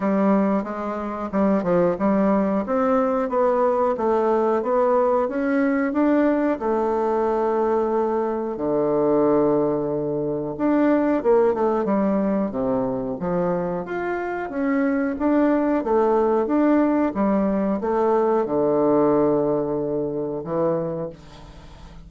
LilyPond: \new Staff \with { instrumentName = "bassoon" } { \time 4/4 \tempo 4 = 91 g4 gis4 g8 f8 g4 | c'4 b4 a4 b4 | cis'4 d'4 a2~ | a4 d2. |
d'4 ais8 a8 g4 c4 | f4 f'4 cis'4 d'4 | a4 d'4 g4 a4 | d2. e4 | }